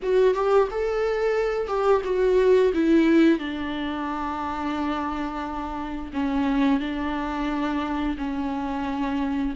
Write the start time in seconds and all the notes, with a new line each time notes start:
0.02 F#4
0.34 G4
0.70 A4
1.67 G4
2.04 F#4
2.73 E4
3.38 D4
6.13 C#4
6.80 D4
8.17 C#4